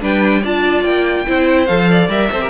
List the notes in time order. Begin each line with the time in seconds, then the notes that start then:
0.00 G3 D4 B4 G5
0.41 D4 F4 D5 A5
0.83 A#3 G5
1.26 C4 E4 C5
1.66 F3 A4 F5
1.89 D5
2.08 G3 A#4 E5
2.31 C4 A4 C5
2.41 G4 A#4